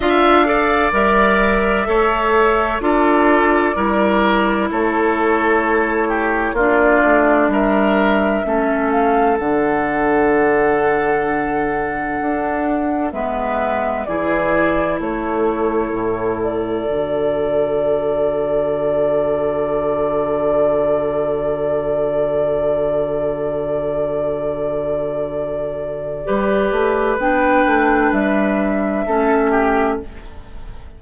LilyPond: <<
  \new Staff \with { instrumentName = "flute" } { \time 4/4 \tempo 4 = 64 f''4 e''2 d''4~ | d''4 cis''2 d''4 | e''4. f''8 fis''2~ | fis''2 e''4 d''4 |
cis''4. d''2~ d''8~ | d''1~ | d''1~ | d''4 g''4 e''2 | }
  \new Staff \with { instrumentName = "oboe" } { \time 4/4 e''8 d''4. cis''4 a'4 | ais'4 a'4. g'8 f'4 | ais'4 a'2.~ | a'2 b'4 gis'4 |
a'1~ | a'1~ | a'1 | b'2. a'8 g'8 | }
  \new Staff \with { instrumentName = "clarinet" } { \time 4/4 f'8 a'8 ais'4 a'4 f'4 | e'2. d'4~ | d'4 cis'4 d'2~ | d'2 b4 e'4~ |
e'2 fis'2~ | fis'1~ | fis'1 | g'4 d'2 cis'4 | }
  \new Staff \with { instrumentName = "bassoon" } { \time 4/4 d'4 g4 a4 d'4 | g4 a2 ais8 a8 | g4 a4 d2~ | d4 d'4 gis4 e4 |
a4 a,4 d2~ | d1~ | d1 | g8 a8 b8 a8 g4 a4 | }
>>